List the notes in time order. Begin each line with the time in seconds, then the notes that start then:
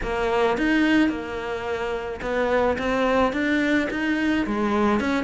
0.03 A#3
0.57 D#4
1.09 A#3
2.21 B3
2.78 C4
3.32 D4
3.90 D#4
4.46 G#3
5.00 C#4